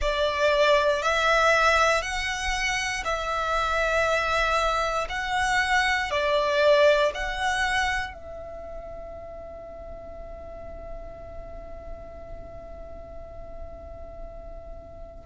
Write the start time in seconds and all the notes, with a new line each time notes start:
0.00 D5
1.02 E5
2.02 F#5
3.04 E5
5.08 F#5
6.10 D5
7.14 F#5
8.13 E5